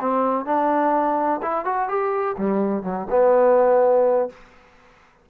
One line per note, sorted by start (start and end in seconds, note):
0.00 0.45 C4
0.45 1.40 D4
1.42 1.65 E4
1.65 1.88 F#4
1.88 2.36 G4
2.38 2.83 G3
2.83 3.07 F#3
3.10 4.29 B3